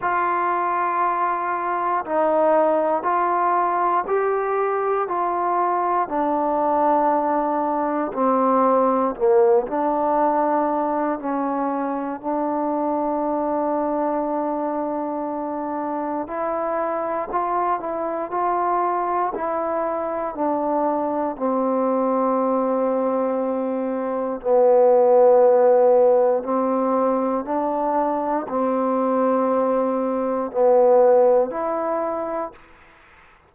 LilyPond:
\new Staff \with { instrumentName = "trombone" } { \time 4/4 \tempo 4 = 59 f'2 dis'4 f'4 | g'4 f'4 d'2 | c'4 ais8 d'4. cis'4 | d'1 |
e'4 f'8 e'8 f'4 e'4 | d'4 c'2. | b2 c'4 d'4 | c'2 b4 e'4 | }